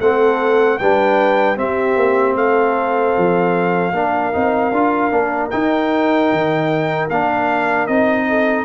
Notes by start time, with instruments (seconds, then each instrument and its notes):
0.00 tuba A3, trombone C4, horn A4, trumpet F#5
0.78 tuba G3, trombone D4, horn B4, trumpet G5
1.56 trombone C4, tuba C4, horn G4, trumpet E5
1.96 tuba A#3
2.35 tuba A3, horn A4, trumpet F5
3.17 tuba F3
3.92 tuba A#3, trombone D4, horn A#4
4.33 tuba C4, trombone D#4
4.72 tuba D4, trombone F4
5.11 tuba A#3, trombone D4
5.50 trombone D#4, tuba D#4, trumpet G5
6.32 tuba D#3
7.10 tuba A#3, trombone D4, trumpet F5
7.87 tuba C4, trombone D#4, trumpet D#5
8.28 horn A4